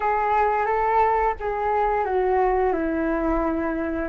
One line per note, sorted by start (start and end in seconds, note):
0.00 0.66 G#4
0.66 1.34 A4
1.40 2.04 G#4
2.04 2.72 F#4
2.72 4.08 E4